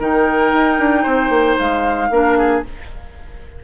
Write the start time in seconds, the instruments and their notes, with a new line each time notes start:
0.00 bassoon D#3, clarinet D#4, oboe A#4, flute G5
0.53 bassoon D#4
0.79 bassoon D4
1.03 bassoon C4, oboe C5
1.29 bassoon A#3
1.58 bassoon G#3, flute F5
2.10 bassoon A#3, clarinet D4, oboe A#4
2.38 oboe G#4